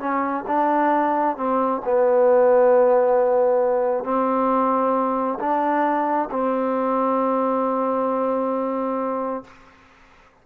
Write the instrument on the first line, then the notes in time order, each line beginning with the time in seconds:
trombone
0.00 C#4
0.47 D4
1.37 C4
1.85 B3
4.04 C4
5.40 D4
6.31 C4